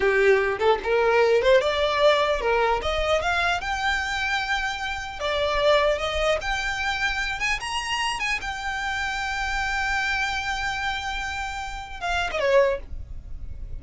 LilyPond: \new Staff \with { instrumentName = "violin" } { \time 4/4 \tempo 4 = 150 g'4. a'8 ais'4. c''8 | d''2 ais'4 dis''4 | f''4 g''2.~ | g''4 d''2 dis''4 |
g''2~ g''8 gis''8 ais''4~ | ais''8 gis''8 g''2.~ | g''1~ | g''2 f''8. dis''16 cis''4 | }